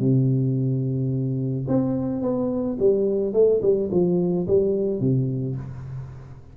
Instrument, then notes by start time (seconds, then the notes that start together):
tuba
0.00 C3
1.68 C4
2.22 B3
2.80 G3
3.33 A3
3.62 G3
3.91 F3
4.47 G3
5.00 C3